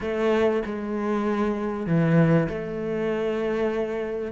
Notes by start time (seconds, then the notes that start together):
0.00 A3
0.65 G#3
1.86 E3
2.49 A3